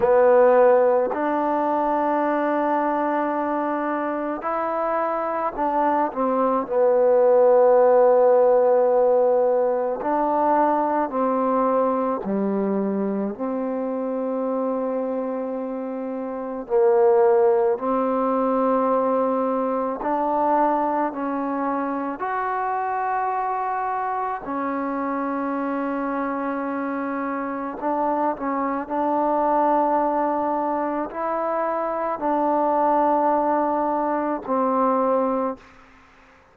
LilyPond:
\new Staff \with { instrumentName = "trombone" } { \time 4/4 \tempo 4 = 54 b4 d'2. | e'4 d'8 c'8 b2~ | b4 d'4 c'4 g4 | c'2. ais4 |
c'2 d'4 cis'4 | fis'2 cis'2~ | cis'4 d'8 cis'8 d'2 | e'4 d'2 c'4 | }